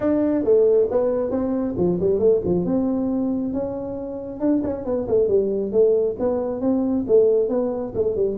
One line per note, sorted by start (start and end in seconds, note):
0.00 0.44 D4
0.44 0.88 A3
0.90 1.30 B3
1.30 1.74 C4
1.77 1.99 F3
2.00 2.19 G3
2.19 2.41 A3
2.44 2.65 F3
2.65 3.53 C4
3.53 4.40 C#4
4.40 4.62 D4
4.63 4.85 C#4
4.85 5.07 B3
5.08 5.28 A3
5.28 5.72 G3
5.72 6.16 A3
6.19 6.61 B3
6.61 7.05 C4
7.07 7.49 A3
7.49 7.93 B3
7.94 8.15 A3
8.15 8.37 G3